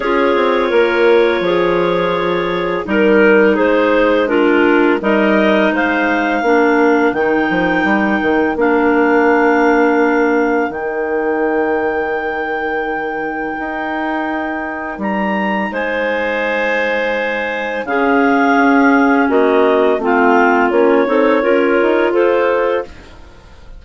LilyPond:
<<
  \new Staff \with { instrumentName = "clarinet" } { \time 4/4 \tempo 4 = 84 cis''1 | ais'4 c''4 ais'4 dis''4 | f''2 g''2 | f''2. g''4~ |
g''1~ | g''4 ais''4 gis''2~ | gis''4 f''2 dis''4 | f''4 cis''2 c''4 | }
  \new Staff \with { instrumentName = "clarinet" } { \time 4/4 gis'4 ais'4 gis'2 | ais'4 gis'4 f'4 ais'4 | c''4 ais'2.~ | ais'1~ |
ais'1~ | ais'2 c''2~ | c''4 gis'2 fis'4 | f'4. a'8 ais'4 a'4 | }
  \new Staff \with { instrumentName = "clarinet" } { \time 4/4 f'1 | dis'2 d'4 dis'4~ | dis'4 d'4 dis'2 | d'2. dis'4~ |
dis'1~ | dis'1~ | dis'4 cis'2. | c'4 cis'8 dis'8 f'2 | }
  \new Staff \with { instrumentName = "bassoon" } { \time 4/4 cis'8 c'8 ais4 f2 | g4 gis2 g4 | gis4 ais4 dis8 f8 g8 dis8 | ais2. dis4~ |
dis2. dis'4~ | dis'4 g4 gis2~ | gis4 cis4 cis'4 ais4 | a4 ais8 c'8 cis'8 dis'8 f'4 | }
>>